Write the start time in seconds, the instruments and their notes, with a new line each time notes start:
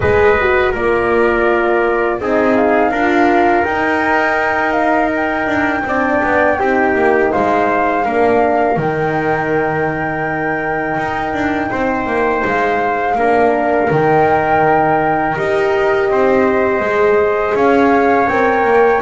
0.00 double bass G#3, horn G#4, trumpet B4, flute D#5
0.40 horn F#4
0.71 double bass A#3, horn F4, trumpet A#4, flute D5
2.20 double bass C4, horn D#4, trumpet G#4, flute D#5
2.55 flute F5
2.90 double bass D4, horn F4, trumpet A#4
3.64 double bass D#4, horn D#4, flute G5
4.72 flute F5
5.15 flute G5
5.46 double bass D4
5.85 double bass C4, horn D4, trumpet D5
6.23 double bass B3
6.59 double bass C4, horn D#4, trumpet G4
6.94 double bass A#3
7.32 double bass G#3, trumpet C5, flute F5
8.04 double bass A#3, horn D4, trumpet A#4
8.76 double bass D#3, horn D#4, flute G5
10.96 double bass D#4
11.33 double bass D4
11.70 double bass C4, trumpet C5
12.06 double bass A#3
12.44 double bass G#3, flute F5
13.15 double bass A#3, horn D4, trumpet A#4
13.90 double bass D#3, horn D#4, flute G5
15.36 double bass D#4, horn G4, flute D#5
16.09 double bass C4, trumpet C5
16.80 double bass G#3, horn G#4
17.54 double bass C#4, trumpet C#5, flute F5
18.27 double bass C4, horn A#4, flute G5
18.64 double bass A#3